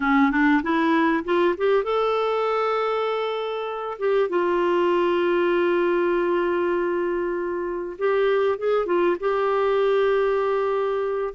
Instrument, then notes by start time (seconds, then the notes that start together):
clarinet
0.00 C#4
0.31 D4
0.63 E4
1.24 F4
1.57 G4
1.83 A4
3.98 G4
4.29 F4
7.98 G4
8.58 G#4
8.86 F4
9.19 G4